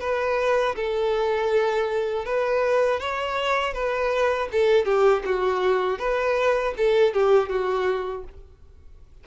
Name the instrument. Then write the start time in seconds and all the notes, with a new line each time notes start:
violin
0.00 B4
0.75 A4
2.25 B4
3.00 C#5
3.73 B4
4.52 A4
4.85 G4
5.25 F#4
5.99 B4
6.77 A4
7.14 G4
7.49 F#4